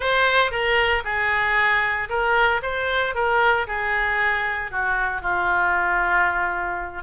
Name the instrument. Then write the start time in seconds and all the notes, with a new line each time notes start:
oboe
0.00 C5
0.51 A#4
1.04 G#4
2.09 A#4
2.62 C5
3.14 A#4
3.67 G#4
4.71 F#4
5.21 F4